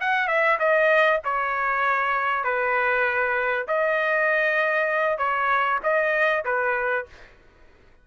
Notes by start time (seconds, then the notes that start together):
0.00 F#5
0.27 E5
0.59 D#5
1.24 C#5
2.44 B4
3.67 D#5
5.18 C#5
5.83 D#5
6.44 B4